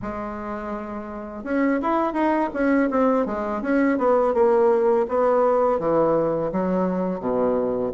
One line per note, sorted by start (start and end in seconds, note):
0.02 1.44 G#3
1.44 1.80 C#4
1.82 2.13 E4
2.13 2.49 D#4
2.53 2.89 C#4
2.90 3.26 C4
3.26 3.62 G#3
3.62 3.98 C#4
3.98 4.34 B3
4.34 5.06 A#3
5.08 5.79 B3
5.79 6.51 E3
6.52 7.20 F#3
7.20 7.92 B2